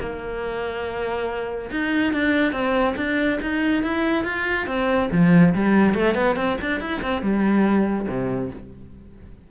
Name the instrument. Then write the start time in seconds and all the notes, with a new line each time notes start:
cello
0.00 A#3
1.71 D#4
2.13 D4
2.52 C4
2.96 D4
3.42 D#4
3.83 E4
4.24 F4
4.67 C4
5.11 F3
5.54 G3
5.94 A3
6.15 B3
6.36 C4
6.61 D4
6.80 E4
7.02 C4
7.22 G3
8.08 C3